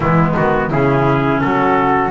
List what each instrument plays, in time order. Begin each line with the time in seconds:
0.00 double bass E3, clarinet G#3, flute B3, trumpet E4
0.35 double bass D#3, trumpet F#4
0.70 double bass C#3, clarinet C#4, flute E4, trumpet G#4
1.40 double bass F#3, flute F#4, trumpet A4